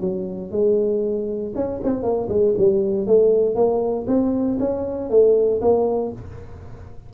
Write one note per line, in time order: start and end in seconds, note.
0.00 0.51 F#3
0.51 1.52 G#3
1.55 1.80 C#4
1.83 2.02 C4
2.02 2.28 A#3
2.28 2.54 G#3
2.57 3.06 G3
3.06 3.55 A3
3.55 4.06 A#3
4.07 4.58 C4
4.59 5.09 C#4
5.09 5.60 A3
5.61 6.12 A#3